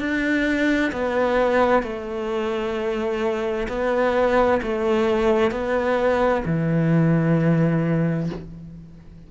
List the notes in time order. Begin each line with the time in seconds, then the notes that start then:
0.00 D4
0.93 B3
1.83 A3
3.69 B3
4.63 A3
5.52 B3
6.46 E3